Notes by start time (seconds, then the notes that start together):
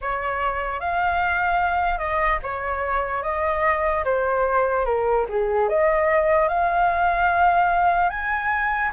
0.01 C#5
0.80 F5
1.98 D#5
2.43 C#5
3.22 D#5
4.04 C5
4.85 A#4
5.29 G#4
5.69 D#5
6.48 F5
8.09 G#5